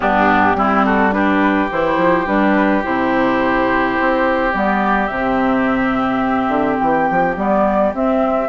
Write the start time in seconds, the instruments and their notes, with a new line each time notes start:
0.00 bassoon G2, clarinet B3, oboe D4, flute G4
0.55 bassoon G3, clarinet C4, oboe E4
0.85 oboe F#4, flute A4
1.11 clarinet D4, oboe G4, flute B4
1.71 bassoon E3, clarinet E4, flute C5
1.97 bassoon F3
2.26 bassoon G3, clarinet D4, flute B4
2.83 bassoon C3, clarinet E4, flute C5
3.99 bassoon C4
4.52 bassoon G3, clarinet B3, flute D5
5.07 bassoon C3, clarinet C4, flute E5
6.48 bassoon D3
6.79 bassoon E3, flute G5
7.10 bassoon F3
7.36 bassoon G3, clarinet B3, flute D5
7.93 clarinet C4, bassoon C4, flute E5